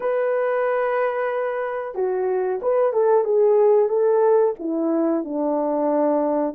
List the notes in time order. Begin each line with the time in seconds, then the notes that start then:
0.00 B4
1.94 F#4
2.62 B4
2.93 A4
3.24 G#4
3.88 A4
4.59 E4
5.24 D4